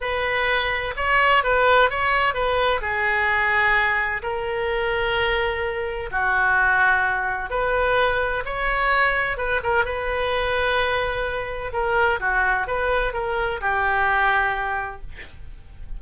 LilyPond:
\new Staff \with { instrumentName = "oboe" } { \time 4/4 \tempo 4 = 128 b'2 cis''4 b'4 | cis''4 b'4 gis'2~ | gis'4 ais'2.~ | ais'4 fis'2. |
b'2 cis''2 | b'8 ais'8 b'2.~ | b'4 ais'4 fis'4 b'4 | ais'4 g'2. | }